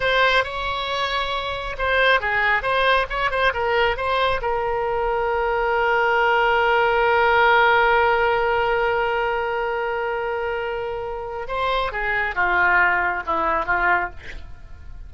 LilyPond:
\new Staff \with { instrumentName = "oboe" } { \time 4/4 \tempo 4 = 136 c''4 cis''2. | c''4 gis'4 c''4 cis''8 c''8 | ais'4 c''4 ais'2~ | ais'1~ |
ais'1~ | ais'1~ | ais'2 c''4 gis'4 | f'2 e'4 f'4 | }